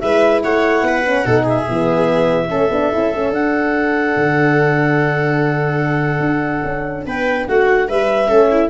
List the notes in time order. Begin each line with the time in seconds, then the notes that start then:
0.00 G#3 E4 B4 E5
0.43 A3 C#5 F#5
0.82 B3 B4
1.05 C#4
1.25 B2 D#4 A4
1.42 G#4 E5
1.68 E3 B3
2.48 A3 C#4 A4
2.70 B3 D4
2.93 C#4 E4
3.11 A3 C#4
3.31 D4 F#5
4.16 D3
6.20 D4
6.64 C#4
7.06 B3 B4 G5
7.47 A3 F#4 F#5
7.88 G3 B4 E5
8.27 A3 C#4 A4
8.51 E4